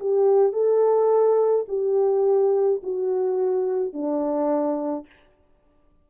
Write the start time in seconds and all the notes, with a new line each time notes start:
0.00 G4
0.53 A4
1.69 G4
2.83 F#4
3.93 D4